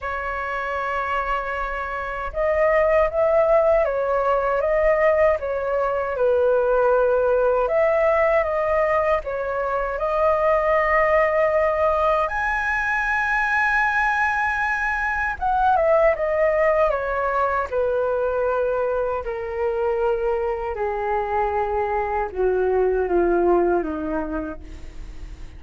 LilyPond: \new Staff \with { instrumentName = "flute" } { \time 4/4 \tempo 4 = 78 cis''2. dis''4 | e''4 cis''4 dis''4 cis''4 | b'2 e''4 dis''4 | cis''4 dis''2. |
gis''1 | fis''8 e''8 dis''4 cis''4 b'4~ | b'4 ais'2 gis'4~ | gis'4 fis'4 f'4 dis'4 | }